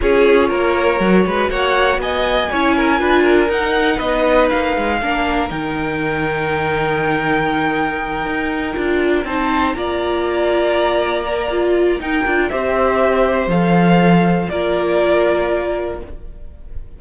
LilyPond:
<<
  \new Staff \with { instrumentName = "violin" } { \time 4/4 \tempo 4 = 120 cis''2. fis''4 | gis''2. fis''4 | dis''4 f''2 g''4~ | g''1~ |
g''2~ g''8 a''4 ais''8~ | ais''1 | g''4 e''2 f''4~ | f''4 d''2. | }
  \new Staff \with { instrumentName = "violin" } { \time 4/4 gis'4 ais'4. b'8 cis''4 | dis''4 cis''8 ais'8 b'8 ais'4. | b'2 ais'2~ | ais'1~ |
ais'2~ ais'8 c''4 d''8~ | d''1 | ais'4 c''2.~ | c''4 ais'2. | }
  \new Staff \with { instrumentName = "viola" } { \time 4/4 f'2 fis'2~ | fis'4 e'4 f'4 dis'4~ | dis'2 d'4 dis'4~ | dis'1~ |
dis'4. f'4 dis'4 f'8~ | f'2~ f'8 ais'8 f'4 | dis'8 f'8 g'2 a'4~ | a'4 f'2. | }
  \new Staff \with { instrumentName = "cello" } { \time 4/4 cis'4 ais4 fis8 gis8 ais4 | b4 cis'4 d'4 dis'4 | b4 ais8 gis8 ais4 dis4~ | dis1~ |
dis8 dis'4 d'4 c'4 ais8~ | ais1 | dis'8 d'8 c'2 f4~ | f4 ais2. | }
>>